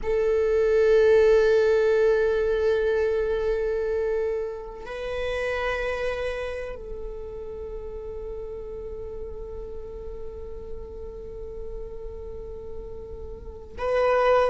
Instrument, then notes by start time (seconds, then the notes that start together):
viola
0.02 A4
4.85 B4
6.75 A4
13.78 B4